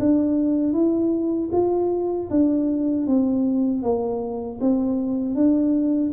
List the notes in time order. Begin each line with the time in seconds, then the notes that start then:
0.00 D4
0.73 E4
1.53 F4
2.31 D4
3.08 C4
3.83 A#3
4.61 C4
5.36 D4